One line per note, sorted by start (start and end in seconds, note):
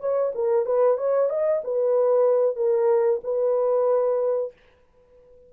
0.00 0.32 C#5
0.35 0.66 A#4
0.66 0.98 B4
0.98 1.30 C#5
1.30 1.62 D#5
1.64 2.56 B4
2.56 3.21 A#4
3.24 4.53 B4